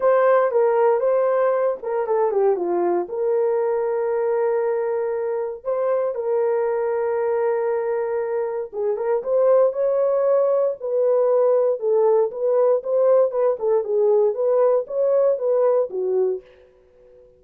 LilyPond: \new Staff \with { instrumentName = "horn" } { \time 4/4 \tempo 4 = 117 c''4 ais'4 c''4. ais'8 | a'8 g'8 f'4 ais'2~ | ais'2. c''4 | ais'1~ |
ais'4 gis'8 ais'8 c''4 cis''4~ | cis''4 b'2 a'4 | b'4 c''4 b'8 a'8 gis'4 | b'4 cis''4 b'4 fis'4 | }